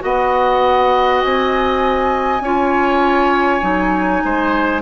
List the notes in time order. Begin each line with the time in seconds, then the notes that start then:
0.00 B3 F#4 D#5 F#5
1.21 C4 G#5
2.40 C#4 F4 C#5
3.61 F#3 D#4
4.24 G#3 C5